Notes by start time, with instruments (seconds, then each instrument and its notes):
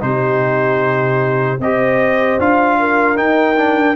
0.00 tuba C3, trombone D#4, horn G4, trumpet C5
1.59 tuba C4, trombone G4, horn C5, trumpet D#5
2.39 tuba D4, trombone F4, trumpet F5
2.79 horn A#4
3.16 trombone D#4, tuba D#4, trumpet G5
3.56 trombone D4
3.77 tuba D4